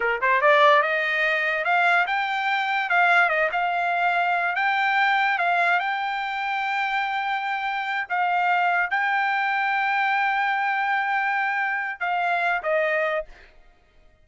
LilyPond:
\new Staff \with { instrumentName = "trumpet" } { \time 4/4 \tempo 4 = 145 ais'8 c''8 d''4 dis''2 | f''4 g''2 f''4 | dis''8 f''2~ f''8 g''4~ | g''4 f''4 g''2~ |
g''2.~ g''8 f''8~ | f''4. g''2~ g''8~ | g''1~ | g''4 f''4. dis''4. | }